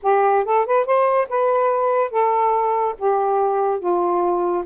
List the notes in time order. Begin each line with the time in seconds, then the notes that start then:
0.02 G4
0.44 A4
0.66 B4
0.85 C5
1.29 B4
2.10 A4
2.98 G4
3.79 F4